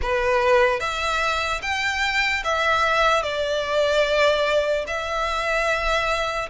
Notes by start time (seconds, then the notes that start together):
0.01 B4
0.80 E5
1.62 G5
2.44 E5
3.22 D5
4.86 E5